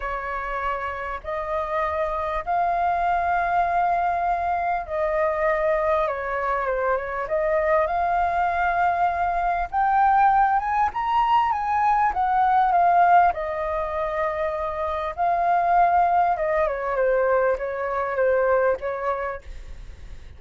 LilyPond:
\new Staff \with { instrumentName = "flute" } { \time 4/4 \tempo 4 = 99 cis''2 dis''2 | f''1 | dis''2 cis''4 c''8 cis''8 | dis''4 f''2. |
g''4. gis''8 ais''4 gis''4 | fis''4 f''4 dis''2~ | dis''4 f''2 dis''8 cis''8 | c''4 cis''4 c''4 cis''4 | }